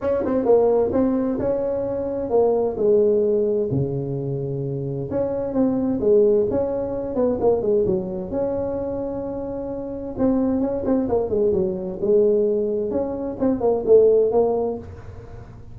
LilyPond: \new Staff \with { instrumentName = "tuba" } { \time 4/4 \tempo 4 = 130 cis'8 c'8 ais4 c'4 cis'4~ | cis'4 ais4 gis2 | cis2. cis'4 | c'4 gis4 cis'4. b8 |
ais8 gis8 fis4 cis'2~ | cis'2 c'4 cis'8 c'8 | ais8 gis8 fis4 gis2 | cis'4 c'8 ais8 a4 ais4 | }